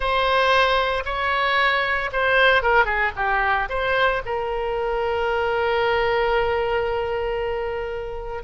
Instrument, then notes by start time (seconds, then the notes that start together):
oboe
0.00 C5
1.05 C#5
2.12 C5
2.62 A#4
2.85 G#4
3.16 G4
3.69 C5
4.25 A#4